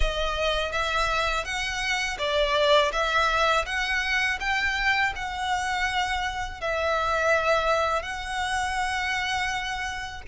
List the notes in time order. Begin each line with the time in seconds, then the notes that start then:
0.00 D#5
0.72 E5
1.44 F#5
2.18 D5
2.92 E5
3.65 F#5
4.40 G5
5.16 F#5
6.61 E5
8.02 F#5